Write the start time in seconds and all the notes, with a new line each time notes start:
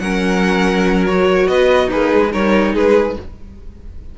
0.00 F#3 C#4 A#4 F#5
1.06 F#4 C#5
1.48 B3 B4 D#5
1.87 A#3 D#4 G#4 B4
2.14 G#3
2.32 G3 D#4 A#4 C#5
2.74 G#3 G#4 B4